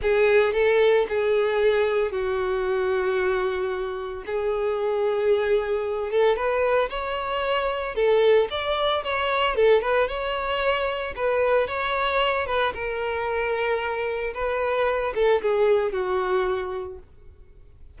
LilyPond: \new Staff \with { instrumentName = "violin" } { \time 4/4 \tempo 4 = 113 gis'4 a'4 gis'2 | fis'1 | gis'2.~ gis'8 a'8 | b'4 cis''2 a'4 |
d''4 cis''4 a'8 b'8 cis''4~ | cis''4 b'4 cis''4. b'8 | ais'2. b'4~ | b'8 a'8 gis'4 fis'2 | }